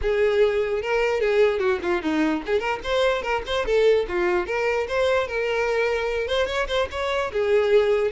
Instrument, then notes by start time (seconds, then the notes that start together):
violin
0.01 G#4
0.81 A#4
1.20 G#4
1.59 F#4
1.82 F4
2.02 D#4
2.46 G#4
2.59 A#4
2.83 C5
3.22 A#4
3.46 C5
3.65 A4
4.08 F4
4.46 A#4
4.87 C5
5.27 A#4
6.27 C5
6.47 C#5
6.67 C5
6.91 C#5
7.32 G#4